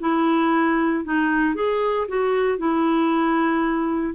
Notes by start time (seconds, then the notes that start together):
0.00 E4
1.04 D#4
1.55 G#4
2.08 F#4
2.58 E4